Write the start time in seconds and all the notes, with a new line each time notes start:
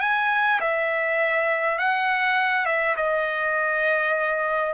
0.00 G#5
0.60 E5
1.78 F#5
2.65 E5
2.96 D#5